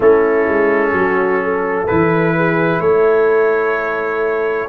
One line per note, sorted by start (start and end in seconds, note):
0.00 0.47 A3
0.00 1.87 C#4
0.00 0.93 E4
0.00 1.87 A4
0.47 0.92 G#3
0.92 1.86 F#3
0.92 1.43 F#4
1.43 2.37 A4
1.87 2.79 E3
1.87 4.68 E4
1.87 2.80 B4
2.37 2.81 G#4
2.79 4.67 A3
2.79 4.68 A4
2.79 4.68 C#5